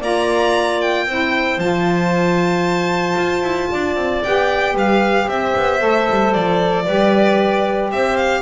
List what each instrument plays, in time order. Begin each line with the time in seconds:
0.00 double bass A#3, saxophone F4, clarinet D5, violin A#5
0.81 violin G5
1.05 double bass C4, saxophone E4, clarinet C5
1.58 double bass F3, saxophone F4, violin A5
3.17 double bass F4
3.42 double bass E4
3.71 double bass D4, clarinet D5
3.96 double bass C4
4.23 double bass B3, saxophone G4, violin G5
4.74 double bass G3, clarinet B4, violin F5
5.26 double bass C4, clarinet C5, violin E5
5.56 double bass B3
5.79 double bass A3, saxophone A4
6.10 double bass G3
6.33 double bass F3, violin D5
6.85 double bass G3, saxophone G4, clarinet B4
7.91 double bass C4, clarinet C5, violin E5
8.17 violin F5